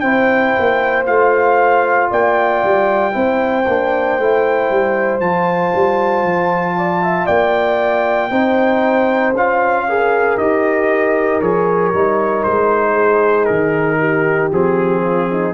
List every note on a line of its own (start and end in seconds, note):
0.00 0.53 C4
0.00 1.06 E4
0.00 2.09 C5
0.00 1.03 G5
0.59 1.08 A#3
1.06 2.11 A3
1.06 3.12 F4
1.06 2.10 F5
2.10 2.63 A#3
2.10 3.14 D5
2.10 5.20 G5
2.64 3.15 G3
3.12 3.67 C4
3.12 3.64 E4
3.12 6.77 C5
3.68 4.19 A#3
3.68 4.20 D4
4.19 4.70 A3
4.19 5.21 E4
4.70 5.20 G3
5.20 5.72 F3
5.20 8.31 F4
5.20 7.27 A5
5.74 6.23 G3
6.23 7.26 F3
6.77 7.03 D5
7.03 7.26 E5
7.26 8.31 A#3
7.26 8.30 D5
7.26 9.33 G5
8.30 9.33 C4
8.30 9.34 D#4
8.30 9.86 C5
9.33 10.37 C#4
9.33 9.88 F4
9.33 10.37 F5
9.88 10.39 G#4
9.88 12.93 A#4
10.37 11.40 D#4
10.37 11.42 G4
10.37 11.41 D#5
11.41 11.92 F3
11.41 11.93 G#4
11.41 12.43 C#5
11.93 12.45 G3
11.93 14.51 D#4
12.43 13.49 G#3
12.43 13.45 C5
12.93 13.96 G#4
13.45 14.51 D#3
13.45 14.48 A#4
13.99 15.02 G4
14.51 15.53 F3
14.51 15.53 C4
14.51 15.53 G#4
15.03 15.29 F4
15.31 15.53 D#4